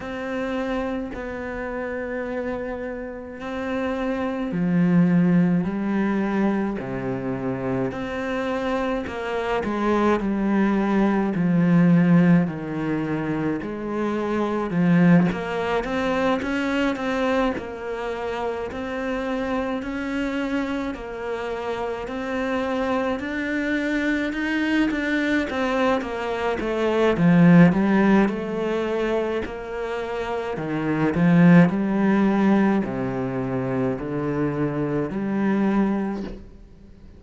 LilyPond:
\new Staff \with { instrumentName = "cello" } { \time 4/4 \tempo 4 = 53 c'4 b2 c'4 | f4 g4 c4 c'4 | ais8 gis8 g4 f4 dis4 | gis4 f8 ais8 c'8 cis'8 c'8 ais8~ |
ais8 c'4 cis'4 ais4 c'8~ | c'8 d'4 dis'8 d'8 c'8 ais8 a8 | f8 g8 a4 ais4 dis8 f8 | g4 c4 d4 g4 | }